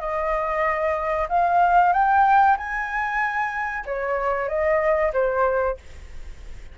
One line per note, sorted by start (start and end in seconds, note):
0.00 1.28 D#5
1.29 1.93 F5
1.93 2.56 G5
2.57 3.85 G#5
3.86 4.48 C#5
4.48 5.12 D#5
5.13 5.77 C5